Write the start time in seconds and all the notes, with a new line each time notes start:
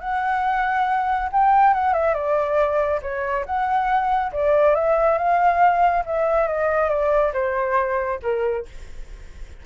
0.00 F#5
1.32 G5
1.74 F#5
1.93 E5
2.14 D5
3.02 C#5
3.46 F#5
4.32 D5
4.75 E5
5.18 F5
6.05 E5
6.48 D#5
6.89 D5
7.33 C5
8.22 A#4